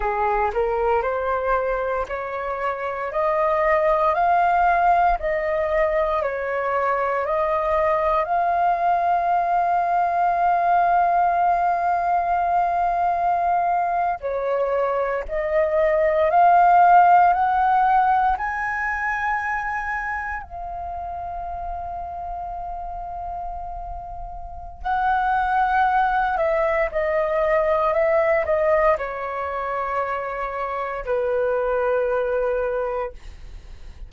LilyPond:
\new Staff \with { instrumentName = "flute" } { \time 4/4 \tempo 4 = 58 gis'8 ais'8 c''4 cis''4 dis''4 | f''4 dis''4 cis''4 dis''4 | f''1~ | f''4.~ f''16 cis''4 dis''4 f''16~ |
f''8. fis''4 gis''2 f''16~ | f''1 | fis''4. e''8 dis''4 e''8 dis''8 | cis''2 b'2 | }